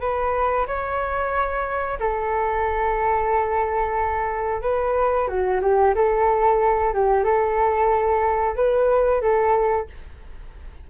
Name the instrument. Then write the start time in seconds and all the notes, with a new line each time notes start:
flute
0.00 B4
0.67 C#5
1.99 A4
4.62 B4
5.27 F#4
5.61 G4
5.95 A4
6.93 G4
7.23 A4
8.56 B4
9.21 A4